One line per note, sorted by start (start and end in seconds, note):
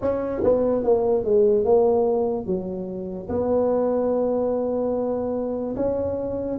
0.01 0.43 C#4
0.43 0.83 B3
0.83 1.24 A#3
1.24 1.64 G#3
1.64 2.46 A#3
2.46 3.28 F#3
3.29 5.75 B3
5.76 6.58 C#4